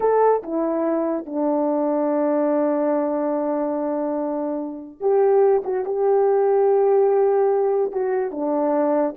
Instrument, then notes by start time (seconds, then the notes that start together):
horn
0.00 A4
0.43 E4
1.25 D4
5.00 G4
5.64 F#4
5.85 G4
7.92 F#4
8.31 D4